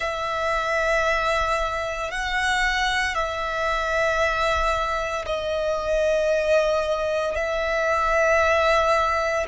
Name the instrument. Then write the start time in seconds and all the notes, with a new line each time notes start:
violin
0.00 E5
2.11 F#5
3.14 E5
5.25 D#5
7.35 E5